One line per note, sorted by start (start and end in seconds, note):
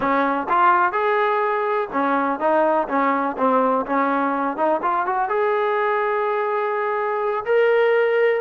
0.00 0.47 C#4
0.49 0.92 F4
0.92 1.88 G#4
1.92 2.39 C#4
2.39 2.87 D#4
2.88 3.36 C#4
3.37 3.85 C4
3.86 4.56 C#4
4.56 4.80 D#4
4.82 5.05 F4
5.05 5.28 F#4
5.28 7.44 G#4
7.45 8.40 A#4